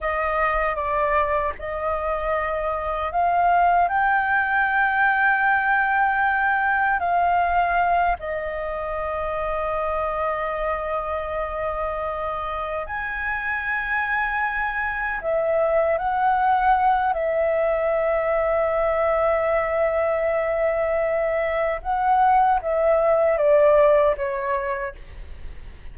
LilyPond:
\new Staff \with { instrumentName = "flute" } { \time 4/4 \tempo 4 = 77 dis''4 d''4 dis''2 | f''4 g''2.~ | g''4 f''4. dis''4.~ | dis''1~ |
dis''8 gis''2. e''8~ | e''8 fis''4. e''2~ | e''1 | fis''4 e''4 d''4 cis''4 | }